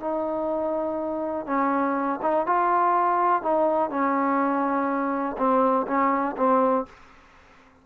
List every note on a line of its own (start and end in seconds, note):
0.00 1.46 D#4
1.46 2.20 C#4
2.22 2.46 D#4
2.46 3.42 F4
3.42 3.90 D#4
3.90 5.36 C#4
5.37 5.86 C4
5.87 6.36 C#4
6.37 6.85 C4